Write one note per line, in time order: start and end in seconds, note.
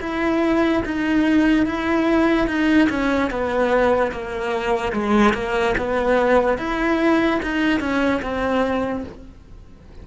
0.00 0.82 E4
0.85 1.66 D#4
1.66 2.47 E4
2.47 2.88 D#4
2.89 3.30 C#4
3.30 4.11 B3
4.11 4.92 A#3
4.92 5.33 G#3
5.33 5.74 A#3
5.77 6.58 B3
6.58 7.40 E4
7.42 7.79 D#4
7.79 8.20 C#4
8.22 9.04 C4